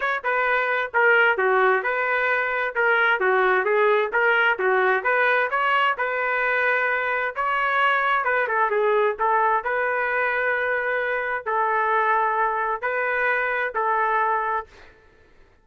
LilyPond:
\new Staff \with { instrumentName = "trumpet" } { \time 4/4 \tempo 4 = 131 cis''8 b'4. ais'4 fis'4 | b'2 ais'4 fis'4 | gis'4 ais'4 fis'4 b'4 | cis''4 b'2. |
cis''2 b'8 a'8 gis'4 | a'4 b'2.~ | b'4 a'2. | b'2 a'2 | }